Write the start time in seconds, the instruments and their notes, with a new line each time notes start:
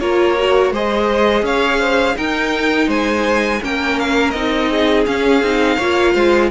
0.00 cello A#3, viola F4, violin A#4 C#5
0.37 viola F#4
0.70 cello G#3, viola G#4, violin C5 D#5
1.42 cello C#4, violin C#5 F5
1.79 violin C5
2.15 viola D#4, cello D#4, violin A#4 G5
2.87 cello G#3, violin C5 G#5
3.61 cello A#3, viola C#4, violin A#4 G5
3.99 violin F5
4.30 cello C4, viola D#4, violin D#5
4.70 violin G#4
5.05 viola C#4, cello C#4, violin F5
5.41 cello C4, viola D#4
5.76 cello A#3, viola F4, violin C#5
6.13 cello G#3, violin C5